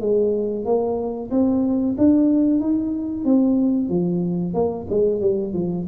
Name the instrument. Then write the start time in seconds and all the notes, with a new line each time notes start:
tuba
0.00 G#3
0.65 A#3
1.30 C4
1.98 D4
2.60 D#4
3.25 C4
3.89 F3
4.54 A#3
4.90 G#3
5.21 G3
5.53 F3